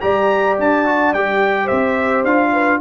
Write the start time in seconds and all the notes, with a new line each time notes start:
0.00 G3 G4 D5 A#5
0.58 D4 A5
0.85 F#4
1.13 G3 G4 G5
1.64 C5 E5
1.70 C4
2.23 D4 F4 F5
2.52 B4